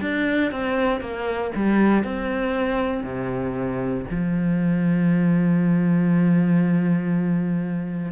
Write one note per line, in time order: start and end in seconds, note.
0.00 0.51 D4
0.51 1.00 C4
1.00 1.51 A#3
1.55 2.03 G3
2.03 3.03 C4
3.03 4.05 C3
4.10 8.12 F3